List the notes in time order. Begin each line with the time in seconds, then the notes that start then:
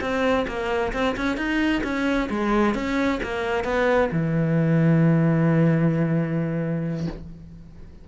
0.00 C4
0.47 A#3
0.93 C4
1.16 C#4
1.37 D#4
1.83 C#4
2.30 G#3
2.74 C#4
3.23 A#3
3.64 B3
4.11 E3